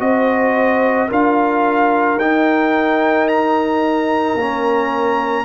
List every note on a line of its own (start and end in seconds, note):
0.00 1.10 C4
0.00 1.09 F#4
0.00 1.09 C5
0.00 1.10 D#5
1.09 2.16 D4
1.09 2.18 F4
1.09 5.45 A#4
1.09 2.19 F5
2.16 4.34 D#4
2.16 4.39 D#4
2.16 3.28 G5
3.28 5.45 A#5
4.35 5.45 A#3
4.35 5.45 C#4